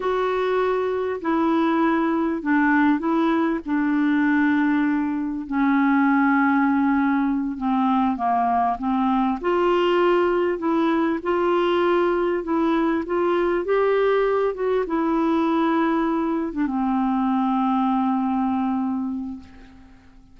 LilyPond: \new Staff \with { instrumentName = "clarinet" } { \time 4/4 \tempo 4 = 99 fis'2 e'2 | d'4 e'4 d'2~ | d'4 cis'2.~ | cis'8 c'4 ais4 c'4 f'8~ |
f'4. e'4 f'4.~ | f'8 e'4 f'4 g'4. | fis'8 e'2~ e'8. d'16 c'8~ | c'1 | }